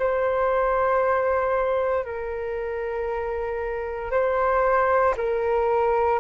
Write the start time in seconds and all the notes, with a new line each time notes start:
0.00 C5
2.05 A#4
4.11 C5
5.17 A#4